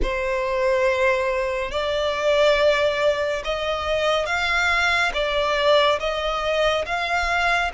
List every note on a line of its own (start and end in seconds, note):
0.02 1.71 C5
1.71 3.42 D5
3.44 4.26 D#5
4.26 5.12 F5
5.13 5.99 D5
5.99 6.85 D#5
6.85 7.71 F5